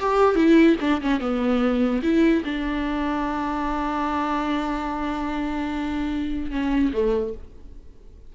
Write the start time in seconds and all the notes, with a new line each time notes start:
0.00 G4
0.35 E4
0.81 D4
1.01 C#4
1.20 B3
2.03 E4
2.45 D4
6.51 C#4
6.93 A3